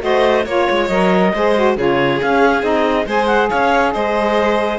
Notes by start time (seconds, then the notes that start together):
0.00 A3 F#4 C5 D#5
0.46 A#3 F4 C#5
0.71 G#3
0.87 F#3 A#4 D#5
1.34 G#3 G#4 C5
1.55 F#4
1.77 C#3 F4 G#4 C#5
2.22 C#4 F5
2.62 C4 D#4 D#5
3.06 G#3 G#4 C5 G#5
3.27 F#5
3.50 C#4 C#5 F5
3.93 G#3 C5 D#5